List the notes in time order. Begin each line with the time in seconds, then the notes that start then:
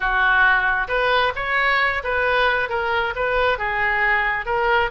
0.00 F#4
0.88 B4
1.35 C#5
2.03 B4
2.69 A#4
3.15 B4
3.58 G#4
4.45 A#4